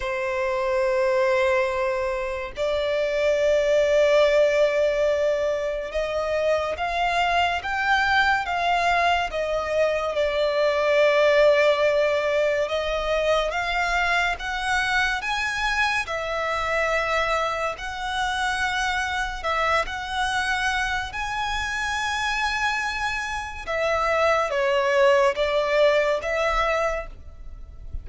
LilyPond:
\new Staff \with { instrumentName = "violin" } { \time 4/4 \tempo 4 = 71 c''2. d''4~ | d''2. dis''4 | f''4 g''4 f''4 dis''4 | d''2. dis''4 |
f''4 fis''4 gis''4 e''4~ | e''4 fis''2 e''8 fis''8~ | fis''4 gis''2. | e''4 cis''4 d''4 e''4 | }